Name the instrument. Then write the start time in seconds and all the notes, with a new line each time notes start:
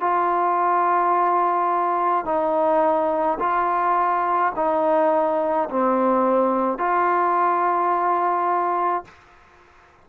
trombone
0.00 F4
2.25 D#4
3.39 F4
4.55 D#4
5.70 C4
6.78 F4